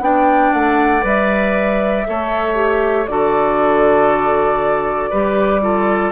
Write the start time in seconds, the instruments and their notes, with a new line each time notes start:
0.00 bassoon B3, clarinet D4, oboe D5, flute G5
0.53 bassoon A3, flute F#5
1.01 bassoon G3, clarinet B4, flute E5
2.06 bassoon A3, clarinet A4, oboe C#5
2.55 clarinet G4
3.07 bassoon D3, clarinet F#4, oboe A4, flute D5
5.10 bassoon G3, clarinet G4, oboe B4
5.62 clarinet F4, oboe A4